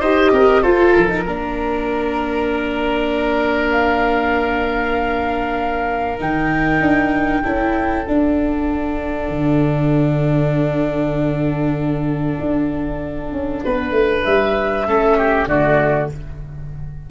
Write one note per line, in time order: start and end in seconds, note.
0.00 0.31 D#4
0.00 0.65 G4
0.00 0.31 C5
0.00 0.63 D#5
0.32 0.63 C4
0.32 0.62 A#4
0.62 0.94 F4
0.62 1.08 F4
0.62 1.24 A4
0.62 0.93 C5
0.93 1.26 F3
0.93 3.71 A#4
1.08 1.24 D#4
1.26 6.20 A#3
1.26 6.19 D4
1.26 7.43 A#4
3.71 6.19 F5
6.19 6.80 D#3
6.19 7.42 D#4
6.19 8.06 G5
6.80 7.42 D4
7.43 8.07 C#4
7.43 8.06 E4
7.43 13.61 A4
8.06 14.87 D4
8.06 9.29 D4
8.06 14.23 F#5
9.29 12.38 D3
12.40 13.32 D4
13.32 13.63 C#4
13.64 13.91 B3
13.64 14.88 B4
13.91 14.22 A3
14.23 14.87 G3
14.23 15.47 E5
14.87 15.47 A3
14.87 15.49 C#4
14.87 15.18 A4
15.18 15.49 G4
15.47 16.09 D3
15.47 16.11 A3
15.47 16.10 F#4
15.47 16.09 D5